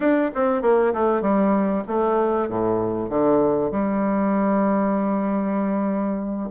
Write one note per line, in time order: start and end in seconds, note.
0.00 0.30 D4
0.34 0.62 C4
0.62 0.93 A#3
0.93 1.21 A3
1.21 1.83 G3
1.87 2.48 A3
2.48 3.09 A2
3.09 3.71 D3
3.71 6.49 G3